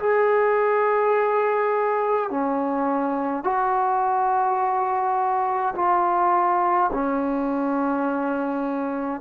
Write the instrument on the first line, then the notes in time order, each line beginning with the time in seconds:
trombone
0.00 G#4
2.31 C#4
3.44 F#4
5.76 F4
6.93 C#4